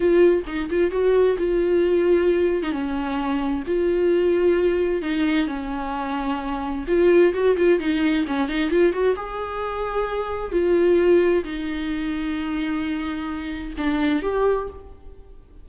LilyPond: \new Staff \with { instrumentName = "viola" } { \time 4/4 \tempo 4 = 131 f'4 dis'8 f'8 fis'4 f'4~ | f'4.~ f'16 dis'16 cis'2 | f'2. dis'4 | cis'2. f'4 |
fis'8 f'8 dis'4 cis'8 dis'8 f'8 fis'8 | gis'2. f'4~ | f'4 dis'2.~ | dis'2 d'4 g'4 | }